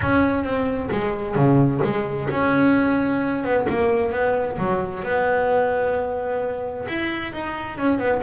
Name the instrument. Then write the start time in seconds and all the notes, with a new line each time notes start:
double bass
0.01 C#4
0.44 C4
0.91 G#3
1.35 C#3
1.83 G#3
2.30 C#4
3.44 B3
3.69 A#3
4.11 B3
4.58 F#3
5.03 B3
6.87 E4
7.33 D#4
7.78 C#4
7.98 B3